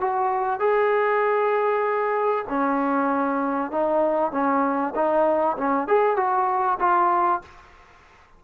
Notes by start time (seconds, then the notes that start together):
0.00 F#4
0.59 G#4
2.49 C#4
3.71 D#4
4.31 C#4
4.95 D#4
5.57 C#4
5.87 G#4
6.16 F#4
6.80 F4